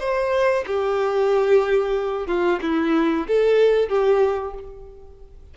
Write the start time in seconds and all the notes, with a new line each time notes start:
0.00 C5
0.67 G4
2.27 F4
2.62 E4
3.28 A4
3.90 G4